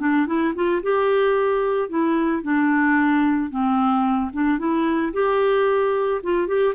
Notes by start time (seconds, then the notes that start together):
0.00 D4
0.27 E4
0.56 F4
0.83 G4
1.90 E4
2.43 D4
3.51 C4
4.34 D4
4.59 E4
5.14 G4
6.24 F4
6.48 G4